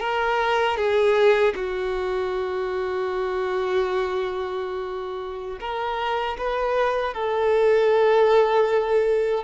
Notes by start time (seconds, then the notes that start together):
0.00 A#4
0.77 G#4
1.55 F#4
5.60 A#4
6.38 B4
7.14 A4